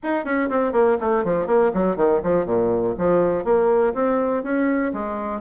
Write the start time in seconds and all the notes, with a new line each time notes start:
0.03 D#4
0.24 C#4
0.49 C4
0.72 A#3
1.00 A3
1.24 F3
1.46 A#3
1.73 F#3
1.96 D#3
2.23 F3
2.45 A#2
2.98 F3
3.44 A#3
3.93 C4
4.43 C#4
4.93 G#3